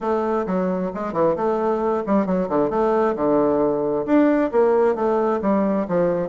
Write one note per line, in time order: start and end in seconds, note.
0.00 0.46 A3
0.46 0.91 F#3
0.94 1.13 G#3
1.13 1.35 E3
1.36 2.03 A3
2.06 2.26 G3
2.26 2.48 F#3
2.48 2.70 D3
2.70 3.15 A3
3.15 4.05 D3
4.05 4.51 D4
4.51 4.95 A#3
4.95 5.40 A3
5.41 5.86 G3
5.88 6.28 F3